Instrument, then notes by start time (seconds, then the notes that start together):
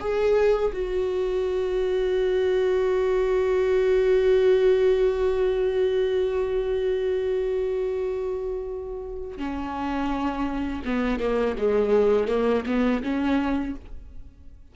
viola
0.00 G#4
0.73 F#4
9.38 C#4
10.85 B3
11.20 A#3
11.58 G#3
12.28 A#3
12.66 B3
13.03 C#4